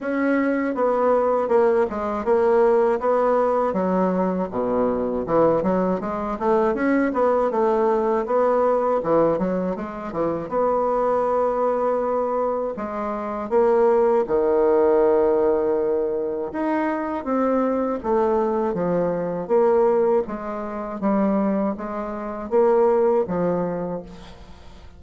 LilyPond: \new Staff \with { instrumentName = "bassoon" } { \time 4/4 \tempo 4 = 80 cis'4 b4 ais8 gis8 ais4 | b4 fis4 b,4 e8 fis8 | gis8 a8 cis'8 b8 a4 b4 | e8 fis8 gis8 e8 b2~ |
b4 gis4 ais4 dis4~ | dis2 dis'4 c'4 | a4 f4 ais4 gis4 | g4 gis4 ais4 f4 | }